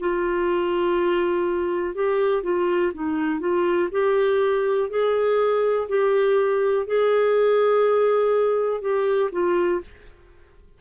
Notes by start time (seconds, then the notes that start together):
0.00 F4
1.94 G4
2.43 F4
2.94 D#4
3.40 F4
3.91 G4
4.90 G#4
5.88 G4
6.87 G#4
8.81 G4
9.32 F4